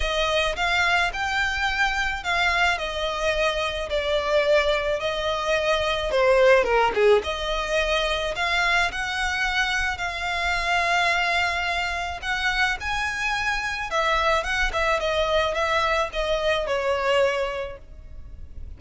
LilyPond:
\new Staff \with { instrumentName = "violin" } { \time 4/4 \tempo 4 = 108 dis''4 f''4 g''2 | f''4 dis''2 d''4~ | d''4 dis''2 c''4 | ais'8 gis'8 dis''2 f''4 |
fis''2 f''2~ | f''2 fis''4 gis''4~ | gis''4 e''4 fis''8 e''8 dis''4 | e''4 dis''4 cis''2 | }